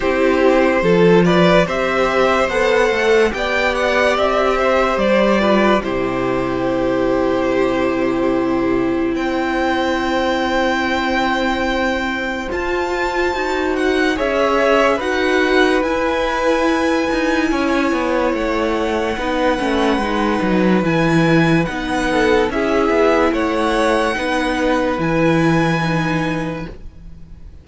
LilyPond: <<
  \new Staff \with { instrumentName = "violin" } { \time 4/4 \tempo 4 = 72 c''4. d''8 e''4 fis''4 | g''8 fis''8 e''4 d''4 c''4~ | c''2. g''4~ | g''2. a''4~ |
a''8 fis''8 e''4 fis''4 gis''4~ | gis''2 fis''2~ | fis''4 gis''4 fis''4 e''4 | fis''2 gis''2 | }
  \new Staff \with { instrumentName = "violin" } { \time 4/4 g'4 a'8 b'8 c''2 | d''4. c''4 b'8 g'4~ | g'2. c''4~ | c''1~ |
c''4 cis''4 b'2~ | b'4 cis''2 b'4~ | b'2~ b'8 a'8 gis'4 | cis''4 b'2. | }
  \new Staff \with { instrumentName = "viola" } { \time 4/4 e'4 f'4 g'4 a'4 | g'2~ g'8 f'8 e'4~ | e'1~ | e'2. f'4 |
fis'4 gis'4 fis'4 e'4~ | e'2. dis'8 cis'8 | dis'4 e'4 dis'4 e'4~ | e'4 dis'4 e'4 dis'4 | }
  \new Staff \with { instrumentName = "cello" } { \time 4/4 c'4 f4 c'4 b8 a8 | b4 c'4 g4 c4~ | c2. c'4~ | c'2. f'4 |
dis'4 cis'4 dis'4 e'4~ | e'8 dis'8 cis'8 b8 a4 b8 a8 | gis8 fis8 e4 b4 cis'8 b8 | a4 b4 e2 | }
>>